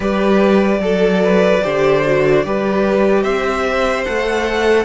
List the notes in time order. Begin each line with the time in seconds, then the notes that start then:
0.00 G3 G4 B4 D5
0.78 F#3 A4
1.23 B4
1.62 D3 G4 C5
2.04 F#4
2.44 G3 G4 B4
3.23 C4 C5 E5
4.04 A3 A4 F#5